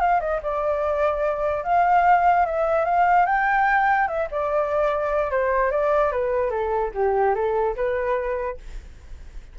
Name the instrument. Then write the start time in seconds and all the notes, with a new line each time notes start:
flute
0.00 F5
0.20 D#5
0.42 D5
1.64 F5
2.46 E5
2.85 F5
3.26 G5
4.08 E5
4.31 D5
5.31 C5
5.71 D5
6.12 B4
6.50 A4
6.94 G4
7.35 A4
7.76 B4